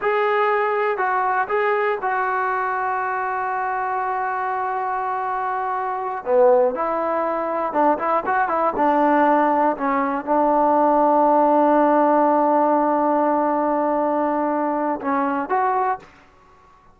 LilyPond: \new Staff \with { instrumentName = "trombone" } { \time 4/4 \tempo 4 = 120 gis'2 fis'4 gis'4 | fis'1~ | fis'1~ | fis'8 b4 e'2 d'8 |
e'8 fis'8 e'8 d'2 cis'8~ | cis'8 d'2.~ d'8~ | d'1~ | d'2 cis'4 fis'4 | }